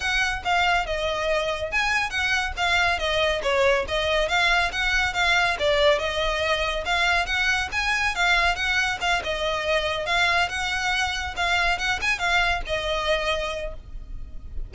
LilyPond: \new Staff \with { instrumentName = "violin" } { \time 4/4 \tempo 4 = 140 fis''4 f''4 dis''2 | gis''4 fis''4 f''4 dis''4 | cis''4 dis''4 f''4 fis''4 | f''4 d''4 dis''2 |
f''4 fis''4 gis''4 f''4 | fis''4 f''8 dis''2 f''8~ | f''8 fis''2 f''4 fis''8 | gis''8 f''4 dis''2~ dis''8 | }